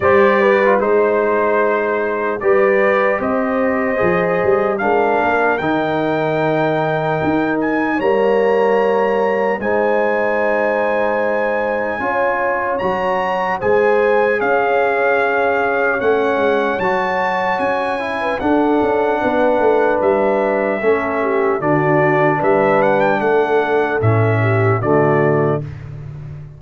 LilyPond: <<
  \new Staff \with { instrumentName = "trumpet" } { \time 4/4 \tempo 4 = 75 d''4 c''2 d''4 | dis''2 f''4 g''4~ | g''4. gis''8 ais''2 | gis''1 |
ais''4 gis''4 f''2 | fis''4 a''4 gis''4 fis''4~ | fis''4 e''2 d''4 | e''8 fis''16 g''16 fis''4 e''4 d''4 | }
  \new Staff \with { instrumentName = "horn" } { \time 4/4 c''8 b'8 c''2 b'4 | c''2 ais'2~ | ais'2 cis''2 | c''2. cis''4~ |
cis''4 c''4 cis''2~ | cis''2~ cis''8. b'16 a'4 | b'2 a'8 g'8 fis'4 | b'4 a'4. g'8 fis'4 | }
  \new Staff \with { instrumentName = "trombone" } { \time 4/4 g'8. f'16 dis'2 g'4~ | g'4 gis'4 d'4 dis'4~ | dis'2 ais2 | dis'2. f'4 |
fis'4 gis'2. | cis'4 fis'4. e'8 d'4~ | d'2 cis'4 d'4~ | d'2 cis'4 a4 | }
  \new Staff \with { instrumentName = "tuba" } { \time 4/4 g4 gis2 g4 | c'4 f8 g8 gis8 ais8 dis4~ | dis4 dis'4 g2 | gis2. cis'4 |
fis4 gis4 cis'2 | a8 gis8 fis4 cis'4 d'8 cis'8 | b8 a8 g4 a4 d4 | g4 a4 a,4 d4 | }
>>